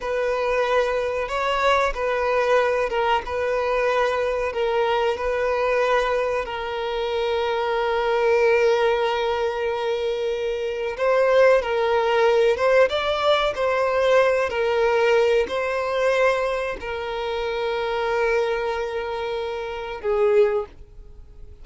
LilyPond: \new Staff \with { instrumentName = "violin" } { \time 4/4 \tempo 4 = 93 b'2 cis''4 b'4~ | b'8 ais'8 b'2 ais'4 | b'2 ais'2~ | ais'1~ |
ais'4 c''4 ais'4. c''8 | d''4 c''4. ais'4. | c''2 ais'2~ | ais'2. gis'4 | }